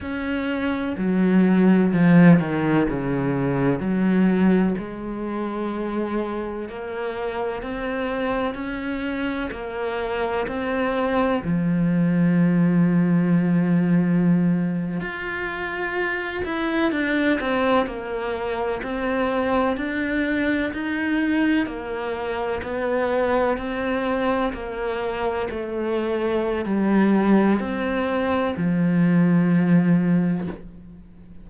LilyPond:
\new Staff \with { instrumentName = "cello" } { \time 4/4 \tempo 4 = 63 cis'4 fis4 f8 dis8 cis4 | fis4 gis2 ais4 | c'4 cis'4 ais4 c'4 | f2.~ f8. f'16~ |
f'4~ f'16 e'8 d'8 c'8 ais4 c'16~ | c'8. d'4 dis'4 ais4 b16~ | b8. c'4 ais4 a4~ a16 | g4 c'4 f2 | }